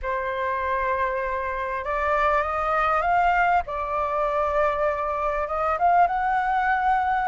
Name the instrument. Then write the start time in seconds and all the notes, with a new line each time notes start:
flute
0.02 C5
1.84 D5
2.42 D#5
3.01 F5
3.66 D5
5.47 D#5
5.79 F5
6.07 F#5